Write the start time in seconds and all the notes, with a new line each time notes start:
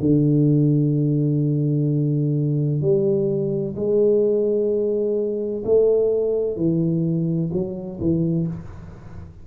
0.00 D3
2.81 G3
3.75 G#3
5.65 A3
6.56 E3
7.53 F#3
8.00 E3